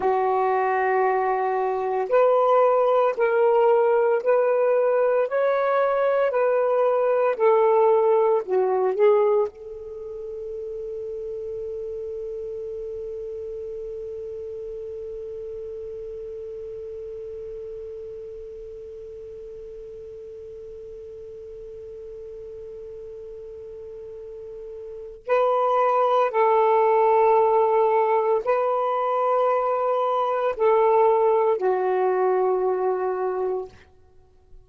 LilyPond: \new Staff \with { instrumentName = "saxophone" } { \time 4/4 \tempo 4 = 57 fis'2 b'4 ais'4 | b'4 cis''4 b'4 a'4 | fis'8 gis'8 a'2.~ | a'1~ |
a'1~ | a'1 | b'4 a'2 b'4~ | b'4 a'4 fis'2 | }